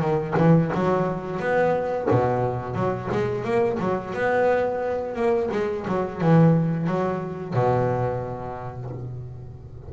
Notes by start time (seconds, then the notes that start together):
0.00 D#3
0.37 E3
0.74 F#3
1.39 B3
2.10 B2
2.75 F#3
3.12 G#3
3.44 A#3
3.79 F#3
4.14 B3
5.15 A#3
5.51 G#3
5.87 F#3
6.21 E3
6.87 F#3
7.54 B2